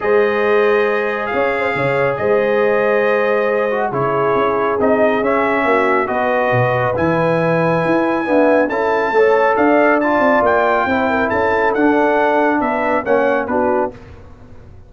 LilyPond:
<<
  \new Staff \with { instrumentName = "trumpet" } { \time 4/4 \tempo 4 = 138 dis''2. f''4~ | f''4 dis''2.~ | dis''4 cis''2 dis''4 | e''2 dis''2 |
gis''1 | a''2 f''4 a''4 | g''2 a''4 fis''4~ | fis''4 e''4 fis''4 b'4 | }
  \new Staff \with { instrumentName = "horn" } { \time 4/4 c''2. cis''8. c''16 | cis''4 c''2.~ | c''4 gis'2.~ | gis'4 fis'4 b'2~ |
b'2. e''4 | a'4 cis''4 d''2~ | d''4 c''8 ais'8 a'2~ | a'4 b'4 cis''4 fis'4 | }
  \new Staff \with { instrumentName = "trombone" } { \time 4/4 gis'1~ | gis'1~ | gis'8 fis'8 e'2 dis'4 | cis'2 fis'2 |
e'2. b4 | e'4 a'2 f'4~ | f'4 e'2 d'4~ | d'2 cis'4 d'4 | }
  \new Staff \with { instrumentName = "tuba" } { \time 4/4 gis2. cis'4 | cis4 gis2.~ | gis4 cis4 cis'4 c'4 | cis'4 ais4 b4 b,4 |
e2 e'4 d'4 | cis'4 a4 d'4. c'8 | ais4 c'4 cis'4 d'4~ | d'4 b4 ais4 b4 | }
>>